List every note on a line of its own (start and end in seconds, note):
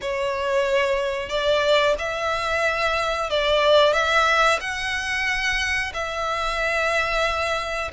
0.01 1.29 C#5
1.29 1.95 D5
1.98 3.30 E5
3.30 3.93 D5
3.93 4.59 E5
4.60 5.92 F#5
5.93 7.91 E5